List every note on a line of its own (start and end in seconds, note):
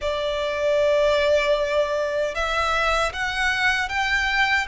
0.01 2.34 D5
2.34 3.12 E5
3.12 3.89 F#5
3.89 4.66 G5